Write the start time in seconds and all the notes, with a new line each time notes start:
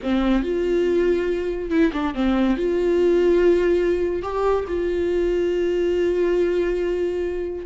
0.03 C4
0.43 F4
1.70 E4
1.93 D4
2.14 C4
2.56 F4
4.22 G4
4.67 F4